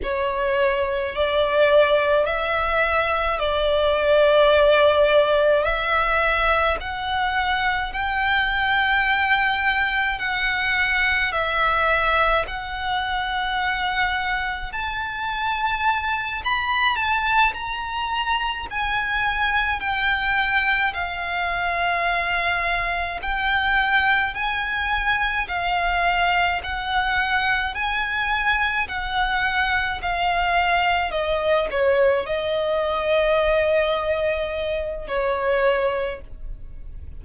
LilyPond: \new Staff \with { instrumentName = "violin" } { \time 4/4 \tempo 4 = 53 cis''4 d''4 e''4 d''4~ | d''4 e''4 fis''4 g''4~ | g''4 fis''4 e''4 fis''4~ | fis''4 a''4. b''8 a''8 ais''8~ |
ais''8 gis''4 g''4 f''4.~ | f''8 g''4 gis''4 f''4 fis''8~ | fis''8 gis''4 fis''4 f''4 dis''8 | cis''8 dis''2~ dis''8 cis''4 | }